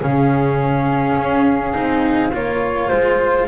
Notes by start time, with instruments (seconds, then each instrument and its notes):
0.00 double bass C#3, cello C#4, flute G#4, violin F5
1.17 double bass C#4
1.73 double bass C4, cello D#4
2.33 double bass A#3, cello F4, flute C#5
2.88 double bass G#3, flute C5